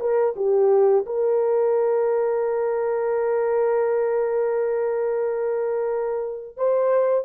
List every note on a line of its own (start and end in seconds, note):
0.00 0.34 A#4
0.36 1.05 G4
1.06 6.57 A#4
6.57 7.25 C5